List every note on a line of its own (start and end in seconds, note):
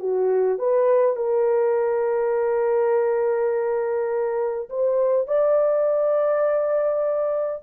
0.00 0.59 F#4
0.59 1.16 B4
1.16 4.69 A#4
4.70 5.28 C5
5.28 7.63 D5